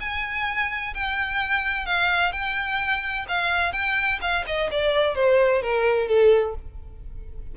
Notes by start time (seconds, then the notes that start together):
0.00 G#5
0.94 G5
1.86 F5
2.32 G5
3.28 F5
3.72 G5
4.21 F5
4.46 D#5
4.71 D5
5.15 C5
5.62 A#4
6.08 A4